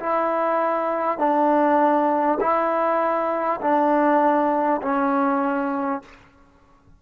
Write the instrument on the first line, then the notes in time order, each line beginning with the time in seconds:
trombone
0.00 E4
1.18 D4
2.41 E4
3.61 D4
4.82 C#4